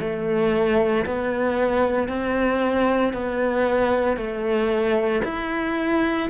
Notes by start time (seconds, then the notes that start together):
0.00 A3
1.06 B3
2.09 C4
3.13 B3
4.17 A3
5.24 E4